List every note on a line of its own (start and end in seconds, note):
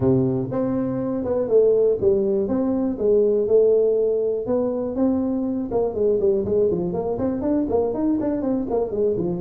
0.00 0.49 C3
0.51 1.24 C4
1.24 1.48 B3
1.48 1.98 A3
2.00 2.48 G3
2.48 2.97 C4
2.98 3.47 G#3
3.47 4.46 A3
4.46 4.95 B3
4.95 5.70 C4
5.71 5.94 A#3
5.94 6.19 G#3
6.20 6.44 G3
6.45 6.70 G#3
6.71 6.93 F3
6.93 7.17 A#3
7.18 7.41 C4
7.41 7.66 D4
7.69 7.94 A#3
7.94 8.18 D#4
8.20 8.41 D4
8.41 8.66 C4
8.70 8.91 A#3
8.91 9.16 G#3
9.17 9.41 F3